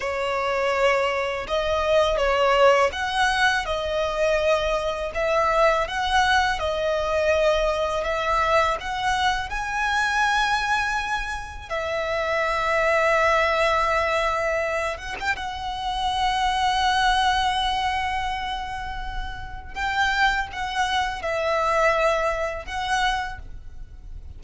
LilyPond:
\new Staff \with { instrumentName = "violin" } { \time 4/4 \tempo 4 = 82 cis''2 dis''4 cis''4 | fis''4 dis''2 e''4 | fis''4 dis''2 e''4 | fis''4 gis''2. |
e''1~ | e''8 fis''16 g''16 fis''2.~ | fis''2. g''4 | fis''4 e''2 fis''4 | }